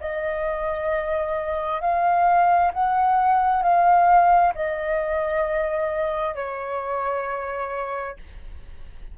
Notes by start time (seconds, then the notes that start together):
0.00 D#5
1.81 F5
2.74 F#5
3.62 F5
4.55 D#5
6.35 C#5